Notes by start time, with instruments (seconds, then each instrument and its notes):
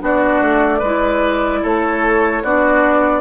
0.00 bassoon B3, clarinet D4, oboe F#4, flute D5
0.41 bassoon A3
0.79 bassoon G#3, oboe B4
0.85 clarinet E4
1.63 bassoon A3, oboe A4, flute C#5
2.43 bassoon B3, clarinet D4, oboe F#4, flute D5